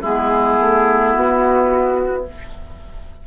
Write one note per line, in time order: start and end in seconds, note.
0.00 0.58 G#3
0.00 2.25 B3
0.00 2.22 E4
0.00 1.12 G#4
0.59 1.15 A3
1.12 2.26 B3
1.12 2.23 F#4